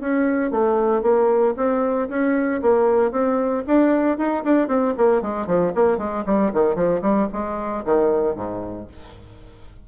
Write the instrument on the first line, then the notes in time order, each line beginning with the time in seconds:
bassoon
0.00 C#4
0.51 A3
1.02 A#3
1.57 C4
2.09 C#4
2.62 A#3
3.11 C4
3.67 D4
4.18 D#4
4.44 D4
4.68 C4
4.97 A#3
5.22 G#3
5.46 F3
5.75 A#3
5.98 G#3
6.26 G3
6.54 D#3
6.75 F3
7.02 G3
7.33 G#3
7.85 D#3
8.35 G#2